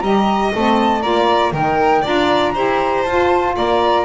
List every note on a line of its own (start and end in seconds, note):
0.00 0.51 G3
0.00 0.53 G4
0.00 1.02 D#5
0.00 0.50 A#5
0.55 1.03 A3
0.55 1.02 C4
0.55 1.02 A5
1.02 1.52 A#3
1.02 1.52 F4
1.02 1.52 D5
1.02 1.52 A#5
1.52 2.02 D#3
1.52 2.04 D#4
1.52 2.01 A#4
1.52 2.05 G5
2.01 2.57 D4
2.01 2.54 F4
2.01 2.52 D5
2.01 3.03 A#5
2.54 3.05 E4
2.54 3.05 G4
2.54 3.55 C5
3.03 3.56 F4
3.03 4.05 F4
3.03 3.53 A5
3.56 4.05 A#3
3.56 4.05 D5
3.56 4.05 A#5